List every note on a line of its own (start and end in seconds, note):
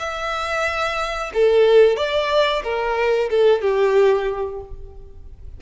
0.00 1.32 E5
1.35 1.97 A4
1.97 2.63 D5
2.64 3.30 A#4
3.30 3.62 A4
3.62 4.61 G4